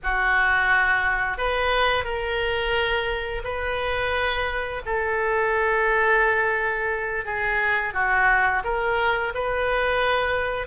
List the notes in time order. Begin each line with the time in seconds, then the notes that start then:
0.03 F#4
1.37 B4
2.04 A#4
3.44 B4
4.85 A4
7.25 G#4
7.93 F#4
8.64 A#4
9.34 B4